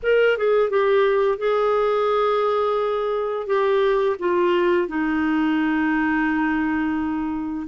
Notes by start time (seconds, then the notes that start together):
0.02 A#4
0.37 G#4
0.69 G4
1.38 G#4
3.46 G4
4.19 F4
4.88 D#4